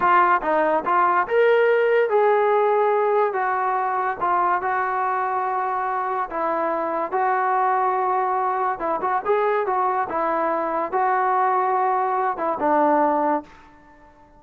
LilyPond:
\new Staff \with { instrumentName = "trombone" } { \time 4/4 \tempo 4 = 143 f'4 dis'4 f'4 ais'4~ | ais'4 gis'2. | fis'2 f'4 fis'4~ | fis'2. e'4~ |
e'4 fis'2.~ | fis'4 e'8 fis'8 gis'4 fis'4 | e'2 fis'2~ | fis'4. e'8 d'2 | }